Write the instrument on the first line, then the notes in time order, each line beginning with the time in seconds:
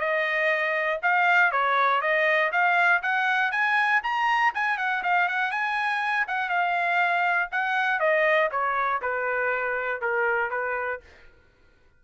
trumpet
0.00 D#5
1.02 F5
1.52 C#5
2.01 D#5
2.52 F5
3.02 F#5
3.52 G#5
4.03 A#5
4.54 G#5
4.78 F#5
5.03 F5
5.28 F#5
5.51 G#5
6.27 F#5
6.50 F5
7.52 F#5
8.00 D#5
8.51 C#5
9.02 B4
10.01 A#4
10.50 B4